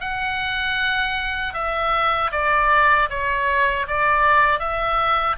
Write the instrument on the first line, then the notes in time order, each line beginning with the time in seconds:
oboe
0.00 F#5
1.54 E5
2.31 D5
3.09 C#5
3.87 D5
4.59 E5